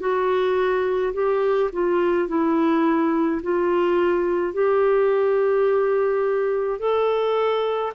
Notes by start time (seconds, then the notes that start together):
0.00 F#4
1.14 G4
1.73 F4
2.28 E4
3.43 F4
4.54 G4
6.80 A4